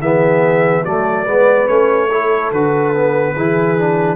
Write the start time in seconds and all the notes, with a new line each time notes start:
0.00 E3 B3 G#4 E5
0.85 F#3 A3 A4 D5
1.25 G#3 B3 B4
1.67 A3 C#4 C#5
2.11 E4 A4
2.52 D3 F#4 B4
2.94 B3
3.35 E3 E4 G#4
3.78 D4